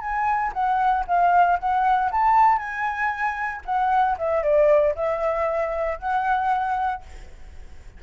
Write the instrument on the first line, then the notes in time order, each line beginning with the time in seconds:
flute
0.00 G#5
0.53 F#5
1.07 F5
1.59 F#5
2.11 A5
2.58 G#5
3.65 F#5
4.18 E5
4.43 D5
4.95 E5
5.99 F#5